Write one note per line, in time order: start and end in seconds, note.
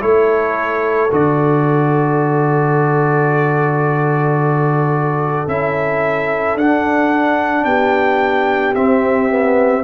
0.00 1.11 A3
0.00 1.09 E4
0.00 7.66 A4
0.00 1.11 C#5
1.11 5.47 D3
1.11 5.47 F#4
1.11 5.48 D5
5.47 6.55 C#4
5.47 6.57 E4
5.47 6.57 E5
6.55 7.64 D4
6.55 8.75 D4
6.55 7.65 F#5
7.65 8.74 B3
7.65 9.83 G4
7.65 8.74 G5
8.75 9.29 C4
8.75 9.83 C4
8.75 9.83 E5
9.29 9.83 B3